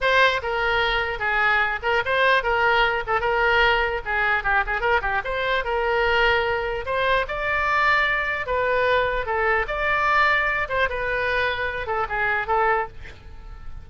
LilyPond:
\new Staff \with { instrumentName = "oboe" } { \time 4/4 \tempo 4 = 149 c''4 ais'2 gis'4~ | gis'8 ais'8 c''4 ais'4. a'8 | ais'2 gis'4 g'8 gis'8 | ais'8 g'8 c''4 ais'2~ |
ais'4 c''4 d''2~ | d''4 b'2 a'4 | d''2~ d''8 c''8 b'4~ | b'4. a'8 gis'4 a'4 | }